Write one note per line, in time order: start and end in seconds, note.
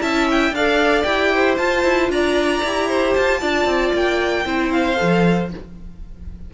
0.00 0.51 C#4
0.00 0.52 E4
0.00 0.54 E5
0.00 0.28 A5
0.31 0.55 G5
0.51 1.03 D4
0.51 1.06 A4
0.51 1.33 D5
0.51 1.03 F5
1.03 1.58 E4
1.03 1.58 G4
1.03 1.55 G5
1.33 2.12 C5
1.57 1.83 F4
1.57 2.64 F4
1.57 2.10 A5
1.83 2.09 E4
2.09 2.62 D4
2.09 2.88 D5
2.09 3.14 A#5
2.64 3.16 E4
2.64 3.40 G4
2.88 3.40 C5
3.14 3.42 F4
3.14 3.92 A5
3.40 3.65 D4
3.40 4.45 F4
3.40 4.45 D5
3.65 3.91 C4
3.93 4.45 A#3
3.93 4.72 G5
4.45 4.98 C4
4.45 4.96 E4
4.45 5.51 C5
4.72 5.50 F5
4.96 5.54 F3
4.96 5.48 A4